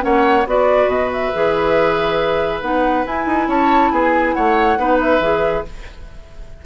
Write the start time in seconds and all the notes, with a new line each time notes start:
0.00 A#3 C#4 C#5 F#5
0.46 B3 F#4 B4 D5
0.86 B2 D#5
1.12 E5
1.33 E3 G#4
2.61 B3 D#4 F#5
3.05 E4 G#5
3.26 D#4
3.47 C#4 C#5 A5
3.91 B3 G#4 G#5
4.33 A3 C#5 F#5
4.77 B3 D#4 B4
5.00 E5
5.19 E3 G#4